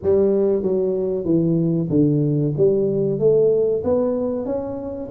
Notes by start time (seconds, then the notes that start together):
0.02 G3
0.62 F#3
1.24 E3
1.89 D3
2.57 G3
3.19 A3
3.84 B3
4.45 C#4